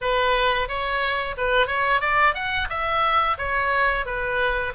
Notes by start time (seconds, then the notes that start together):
0.01 B4
0.68 C#5
1.37 B4
1.67 C#5
2.00 D5
2.34 F#5
2.69 E5
3.38 C#5
4.05 B4